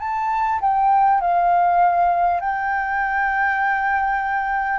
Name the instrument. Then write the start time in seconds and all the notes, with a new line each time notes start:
flute
0.00 A5
0.61 G5
1.21 F5
2.41 G5